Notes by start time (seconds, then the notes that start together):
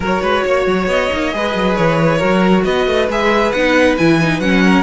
0.00 F#3 F#4 A#4 C#5
0.21 G#3 B4
0.45 A#3 C#5
0.66 F#3
0.86 B3 D#5
1.11 A#3 D#4
1.31 G#3 G#4 B4
1.55 F#3
1.75 E3 C#5
2.18 F#3 F#4 A#4
2.64 B3 B4 D#5
2.87 A3
3.09 G#3 G#4 E5
3.51 B3 D#4 F#5
3.97 E3 E4 G#5
4.20 D#4
4.39 F#3 C#4 F#5
4.63 A#4